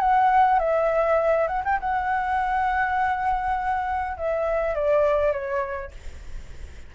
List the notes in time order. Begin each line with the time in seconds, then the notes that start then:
0.00 F#5
0.59 E5
1.48 F#5
1.65 G5
1.80 F#5
4.18 E5
4.75 D5
5.32 C#5